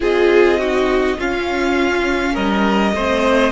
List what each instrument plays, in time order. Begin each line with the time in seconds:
0.00 cello C4, viola F4, violin G#4 D#5
0.58 viola D#4, violin F#4
1.17 cello C#4, viola C#4, violin F4 F5
2.33 cello G3, violin A#4 D#5
2.93 cello A3, viola C4, violin C5